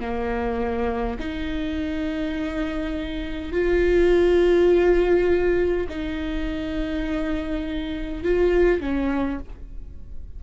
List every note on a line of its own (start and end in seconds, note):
0.00 1.18 A#3
1.19 3.52 D#4
3.52 5.87 F4
5.89 8.24 D#4
8.24 8.81 F4
8.81 9.40 C#4